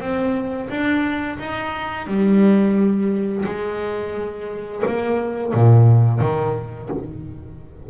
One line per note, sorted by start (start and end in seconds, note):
0.00 0.69 C4
0.69 1.38 D4
1.39 2.07 D#4
2.07 3.45 G3
3.45 4.83 G#3
4.87 5.54 A#3
5.54 6.20 A#2
6.20 6.89 D#3